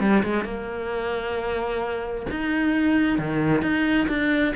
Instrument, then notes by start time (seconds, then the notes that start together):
cello
0.00 G3
0.23 G#3
0.44 A#3
2.30 D#4
3.18 D#3
3.62 D#4
4.08 D4